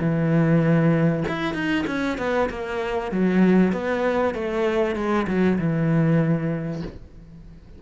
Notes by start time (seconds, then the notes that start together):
0.00 E3
1.28 E4
1.54 D#4
1.87 C#4
2.18 B3
2.49 A#3
3.12 F#3
3.72 B3
4.34 A3
4.95 G#3
5.27 F#3
5.58 E3